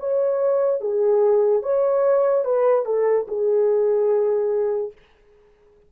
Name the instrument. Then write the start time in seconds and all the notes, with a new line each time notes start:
horn
0.00 C#5
0.81 G#4
1.63 C#5
2.45 B4
2.86 A4
3.28 G#4